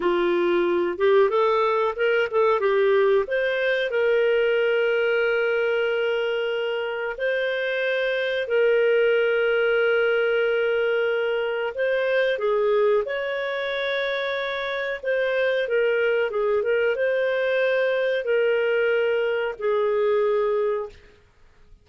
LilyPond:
\new Staff \with { instrumentName = "clarinet" } { \time 4/4 \tempo 4 = 92 f'4. g'8 a'4 ais'8 a'8 | g'4 c''4 ais'2~ | ais'2. c''4~ | c''4 ais'2.~ |
ais'2 c''4 gis'4 | cis''2. c''4 | ais'4 gis'8 ais'8 c''2 | ais'2 gis'2 | }